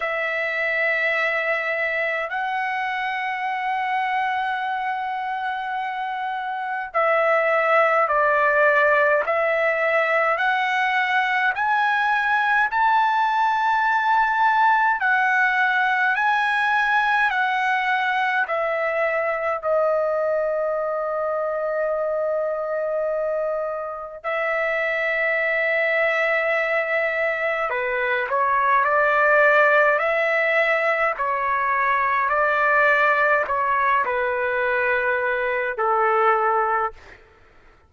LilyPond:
\new Staff \with { instrumentName = "trumpet" } { \time 4/4 \tempo 4 = 52 e''2 fis''2~ | fis''2 e''4 d''4 | e''4 fis''4 gis''4 a''4~ | a''4 fis''4 gis''4 fis''4 |
e''4 dis''2.~ | dis''4 e''2. | b'8 cis''8 d''4 e''4 cis''4 | d''4 cis''8 b'4. a'4 | }